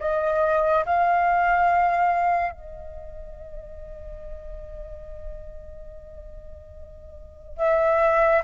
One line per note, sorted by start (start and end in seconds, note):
0.00 0.85 D#5
0.86 2.52 F5
2.52 7.57 D#5
7.57 8.42 E5